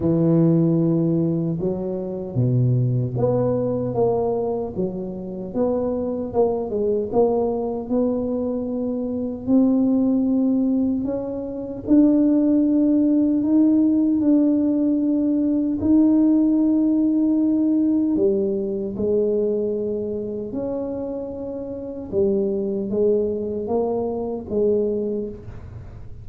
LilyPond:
\new Staff \with { instrumentName = "tuba" } { \time 4/4 \tempo 4 = 76 e2 fis4 b,4 | b4 ais4 fis4 b4 | ais8 gis8 ais4 b2 | c'2 cis'4 d'4~ |
d'4 dis'4 d'2 | dis'2. g4 | gis2 cis'2 | g4 gis4 ais4 gis4 | }